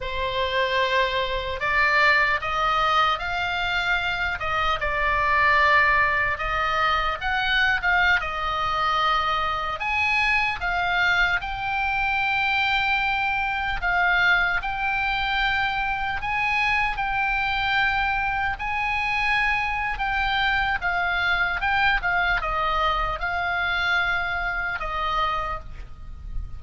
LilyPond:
\new Staff \with { instrumentName = "oboe" } { \time 4/4 \tempo 4 = 75 c''2 d''4 dis''4 | f''4. dis''8 d''2 | dis''4 fis''8. f''8 dis''4.~ dis''16~ | dis''16 gis''4 f''4 g''4.~ g''16~ |
g''4~ g''16 f''4 g''4.~ g''16~ | g''16 gis''4 g''2 gis''8.~ | gis''4 g''4 f''4 g''8 f''8 | dis''4 f''2 dis''4 | }